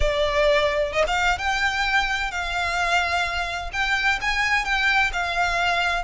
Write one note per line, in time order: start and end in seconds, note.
0.00 0.92 D5
0.92 1.04 D#5
1.07 1.38 F5
1.38 2.31 G5
2.31 3.70 F5
3.73 4.19 G5
4.21 4.64 G#5
4.64 5.11 G5
5.13 6.03 F5